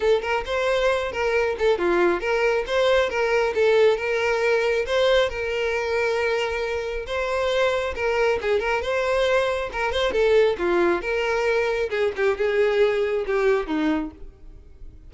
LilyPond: \new Staff \with { instrumentName = "violin" } { \time 4/4 \tempo 4 = 136 a'8 ais'8 c''4. ais'4 a'8 | f'4 ais'4 c''4 ais'4 | a'4 ais'2 c''4 | ais'1 |
c''2 ais'4 gis'8 ais'8 | c''2 ais'8 c''8 a'4 | f'4 ais'2 gis'8 g'8 | gis'2 g'4 dis'4 | }